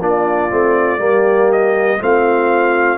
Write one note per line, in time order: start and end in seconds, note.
0.00 0.50 A#3
0.00 0.50 D4
0.00 0.99 F4
0.00 1.52 D5
0.50 0.98 A3
0.50 0.98 C4
0.98 1.98 G3
0.98 1.98 A#3
0.98 1.99 G4
1.52 2.02 D#5
1.99 2.98 A3
1.99 2.98 C4
1.99 2.98 F4
1.99 2.98 F5